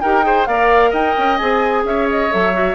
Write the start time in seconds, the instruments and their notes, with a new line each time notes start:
0.00 bassoon D#4, clarinet G4, oboe A#4, flute G5
0.22 clarinet G#4, oboe C5
0.46 bassoon A#3, clarinet A#4, oboe D5, flute F5
0.90 bassoon D#4, oboe D#5, flute G5
1.17 bassoon C#4
1.37 bassoon C4, clarinet G#4, flute G#5
1.84 bassoon C#4, oboe C#5, flute E5
2.10 flute D#5
2.30 bassoon F#3, clarinet A4, flute E5
2.53 clarinet F#4